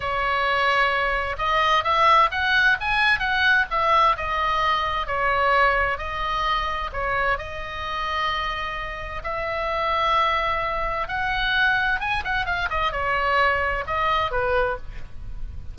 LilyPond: \new Staff \with { instrumentName = "oboe" } { \time 4/4 \tempo 4 = 130 cis''2. dis''4 | e''4 fis''4 gis''4 fis''4 | e''4 dis''2 cis''4~ | cis''4 dis''2 cis''4 |
dis''1 | e''1 | fis''2 gis''8 fis''8 f''8 dis''8 | cis''2 dis''4 b'4 | }